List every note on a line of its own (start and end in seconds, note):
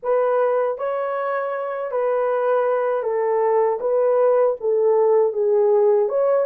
0.02 0.78 B4
0.78 1.91 C#5
1.91 3.02 B4
3.02 3.78 A4
3.80 4.56 B4
4.60 5.32 A4
5.32 6.08 G#4
6.08 6.46 C#5